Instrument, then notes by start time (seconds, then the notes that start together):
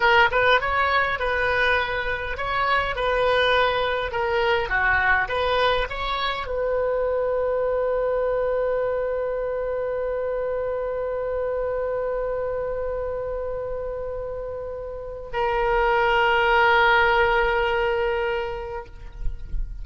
oboe
0.00 A#4
0.31 B4
0.60 C#5
1.19 B4
2.37 C#5
2.95 B4
4.11 A#4
4.69 F#4
5.28 B4
5.89 C#5
6.47 B4
15.32 A#4